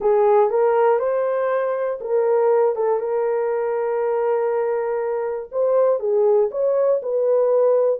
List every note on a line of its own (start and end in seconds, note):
0.00 0.50 G#4
0.50 0.99 A#4
0.99 1.99 C5
2.00 2.75 A#4
2.75 2.99 A4
2.99 5.49 A#4
5.51 5.99 C5
5.99 6.49 G#4
6.51 7.01 C#5
7.02 8.00 B4